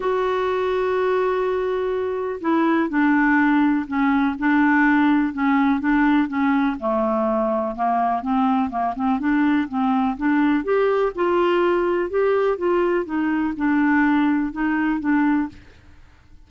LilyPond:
\new Staff \with { instrumentName = "clarinet" } { \time 4/4 \tempo 4 = 124 fis'1~ | fis'4 e'4 d'2 | cis'4 d'2 cis'4 | d'4 cis'4 a2 |
ais4 c'4 ais8 c'8 d'4 | c'4 d'4 g'4 f'4~ | f'4 g'4 f'4 dis'4 | d'2 dis'4 d'4 | }